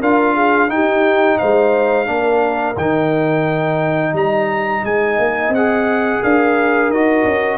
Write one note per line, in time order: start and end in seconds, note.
0.00 0.69 D4
0.00 0.69 F4
0.00 0.34 A#4
0.00 0.70 F5
0.34 0.69 G#4
0.69 2.06 D#4
0.69 1.38 D#4
0.69 1.39 G4
0.69 1.38 G5
1.38 2.07 G#3
1.38 2.07 C5
1.38 2.76 F5
2.06 2.76 A#3
2.06 2.75 D4
2.06 4.15 A#4
2.77 4.13 D#3
2.77 5.55 D#4
2.77 4.15 G5
4.13 4.82 G3
4.13 6.21 D#5
4.13 4.85 A#5
4.84 5.18 G#3
4.84 5.54 G#5
5.18 5.49 A#3
5.49 6.18 C4
5.49 6.23 F#5
5.56 6.94 G#4
6.21 6.89 D4
6.21 7.58 A#4
6.21 6.91 F5
6.89 7.23 D#4
6.89 7.58 F#4
6.89 7.58 D#5
7.24 7.58 C#4